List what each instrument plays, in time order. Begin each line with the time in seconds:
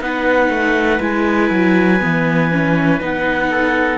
0.00 cello B3, viola D#4, trumpet B4, clarinet F#5
0.49 cello A3
0.99 cello G#3, viola E4, clarinet G#5
1.50 cello F#3
2.00 cello E3, viola B3
2.51 viola C#4
3.00 cello B3, viola D#4, clarinet F#5
3.51 trumpet A4